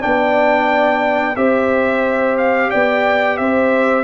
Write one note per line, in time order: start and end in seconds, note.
0.00 1.36 B3
0.00 1.35 D4
0.00 1.36 D5
0.00 1.36 G5
1.36 2.71 C4
1.36 4.04 G4
1.36 2.70 C5
1.36 2.37 E5
2.38 2.70 F5
2.70 3.39 B3
2.70 3.37 D5
2.70 3.37 G5
3.37 4.04 C4
3.37 4.04 C5
3.37 4.04 E5